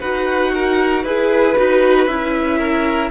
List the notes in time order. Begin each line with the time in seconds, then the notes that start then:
0.00 D#4 F#4 B4 F#5
0.54 A#4
1.03 E4 G#4 B4
1.56 D#4 F#4
2.07 C#4 E4 E5
2.58 A#4